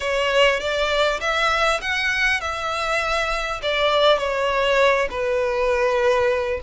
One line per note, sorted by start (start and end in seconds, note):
0.00 0.60 C#5
0.60 1.20 D5
1.20 1.80 E5
1.81 2.40 F#5
2.40 3.60 E5
3.62 4.18 D5
4.18 5.08 C#5
5.10 6.60 B4